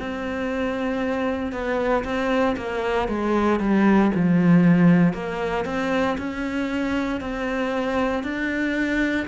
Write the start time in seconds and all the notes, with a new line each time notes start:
0.00 C4
1.53 B3
2.05 C4
2.57 A#3
3.08 G#3
3.60 G3
4.16 F3
5.13 A#3
5.66 C4
6.18 C#4
7.21 C4
8.24 D4